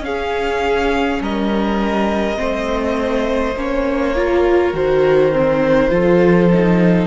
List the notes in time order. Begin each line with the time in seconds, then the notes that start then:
0.00 C#4 G#4 F5
1.21 G3 A#4 D#5
2.36 A3 C4 C5
3.56 A#3 C#4 C#5
4.16 F4 A#4
4.73 D#3 F#4 C5
5.32 C4
5.90 F3 F4 A4
6.53 D#4